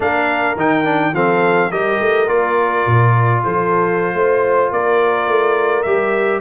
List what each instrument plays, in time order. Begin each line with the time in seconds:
0.00 tuba A#3, trombone D4, horn A#4, trumpet F5
0.56 tuba D#3, trombone D#4, trumpet G5
0.84 trombone D4
1.13 tuba F3, trombone C4, horn A4, trumpet F5
1.69 tuba G3, trombone G4, horn A#4, trumpet D#5
2.00 tuba A3
2.27 tuba A#3, trombone F4, trumpet D5
2.86 tuba A#2
3.43 tuba F3, horn A4, trumpet C5
4.13 tuba A3, horn C5
4.71 tuba A#3, horn A#4, trumpet D5
5.27 tuba A3
5.82 tuba G3, trombone G4, trumpet E5